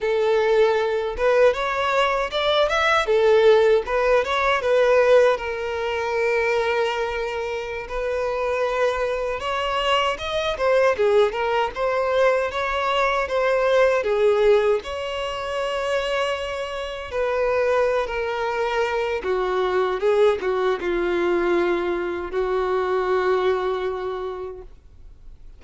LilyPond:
\new Staff \with { instrumentName = "violin" } { \time 4/4 \tempo 4 = 78 a'4. b'8 cis''4 d''8 e''8 | a'4 b'8 cis''8 b'4 ais'4~ | ais'2~ ais'16 b'4.~ b'16~ | b'16 cis''4 dis''8 c''8 gis'8 ais'8 c''8.~ |
c''16 cis''4 c''4 gis'4 cis''8.~ | cis''2~ cis''16 b'4~ b'16 ais'8~ | ais'4 fis'4 gis'8 fis'8 f'4~ | f'4 fis'2. | }